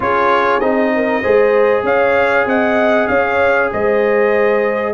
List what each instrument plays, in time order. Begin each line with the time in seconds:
0.00 tuba C#4, trombone F4, horn G#4, trumpet C#5
0.60 tuba C4, trombone D#4, trumpet D#5
0.95 horn A#4
1.22 tuba G#3, trombone G#4, horn C5
1.83 tuba C#4, horn C#5, trumpet F5
2.45 tuba C4, horn D#5, trumpet F#5
3.07 tuba C#4, horn C#5, trumpet F5
3.71 tuba G#3, horn C5, trumpet D#5